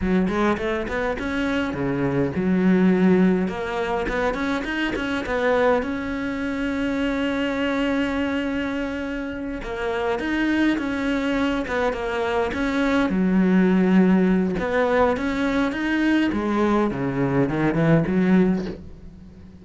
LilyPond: \new Staff \with { instrumentName = "cello" } { \time 4/4 \tempo 4 = 103 fis8 gis8 a8 b8 cis'4 cis4 | fis2 ais4 b8 cis'8 | dis'8 cis'8 b4 cis'2~ | cis'1~ |
cis'8 ais4 dis'4 cis'4. | b8 ais4 cis'4 fis4.~ | fis4 b4 cis'4 dis'4 | gis4 cis4 dis8 e8 fis4 | }